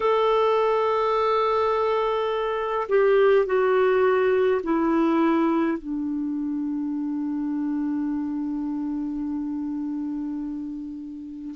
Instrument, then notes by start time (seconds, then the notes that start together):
clarinet
0.00 A4
2.88 G4
3.46 F#4
4.63 E4
5.77 D4